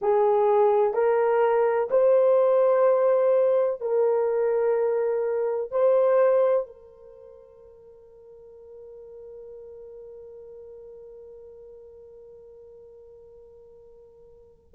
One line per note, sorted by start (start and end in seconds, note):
0.01 0.93 G#4
0.93 1.88 A#4
1.90 3.81 C5
3.81 5.71 A#4
5.71 6.66 C5
6.66 14.74 A#4